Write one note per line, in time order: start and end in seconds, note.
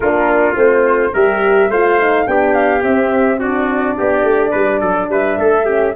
0.00 0.54 A#3
0.00 0.54 D4
0.00 1.13 F4
0.00 0.55 A#4
0.54 1.12 A3
0.54 1.11 C4
0.54 1.14 C5
1.13 1.69 G3
1.13 1.71 G4
1.13 1.69 A#4
1.13 1.71 E5
1.69 2.25 A3
1.69 2.00 F4
1.69 2.26 C5
1.69 2.27 F5
2.00 2.26 D#4
2.26 2.82 B3
2.26 2.83 D4
2.26 3.39 G4
2.26 2.54 G5
2.54 2.82 F5
2.82 3.95 C4
2.82 3.39 C4
2.82 3.39 E5
3.39 5.65 D4
3.39 3.96 F#4
3.39 5.10 D5
3.97 4.23 B3
3.97 4.51 G4
4.23 4.51 A3
4.51 4.81 G3
4.51 4.79 B4
4.80 5.08 F#3
4.80 5.08 A4
5.08 5.37 G3
5.08 5.39 B4
5.08 5.95 E5
5.37 5.94 A3
5.37 5.65 A4
5.65 5.94 C#4
5.65 5.93 G4